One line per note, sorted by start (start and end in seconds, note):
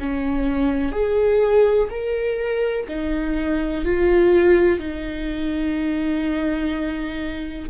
0.00 0.92 C#4
0.92 1.89 G#4
1.90 2.87 A#4
2.89 3.85 D#4
3.85 4.80 F4
4.80 7.70 D#4